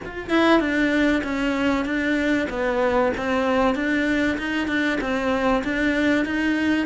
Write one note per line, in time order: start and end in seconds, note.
0.05 0.29 F4
0.29 0.60 E4
0.60 1.22 D4
1.23 1.85 C#4
1.85 2.47 D4
2.49 3.12 B3
3.17 3.75 C4
3.75 4.38 D4
4.38 4.67 D#4
4.67 4.98 D4
5.00 5.63 C4
5.63 6.25 D4
6.25 6.86 D#4